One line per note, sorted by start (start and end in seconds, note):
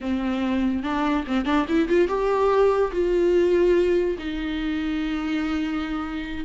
0.00 0.83 C4
0.83 1.24 D4
1.27 1.45 C4
1.45 1.66 D4
1.68 1.88 E4
1.88 2.08 F4
2.08 2.91 G4
2.91 4.16 F4
4.18 6.45 D#4